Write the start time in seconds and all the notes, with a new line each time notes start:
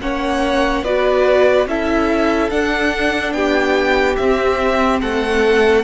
0.00 A#3 C#4 C#5 F#5
0.83 B3 F#4 B4 D5
1.66 C#4 E4 A4 E5
2.50 D4 F#5
3.32 B3 G4 G5
4.16 C4 E5
5.01 A3 A4 F#5